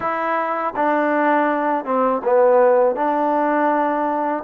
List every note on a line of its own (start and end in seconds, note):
0.00 0.74 E4
0.76 1.84 D4
1.84 2.21 C4
2.24 2.95 B3
2.95 4.43 D4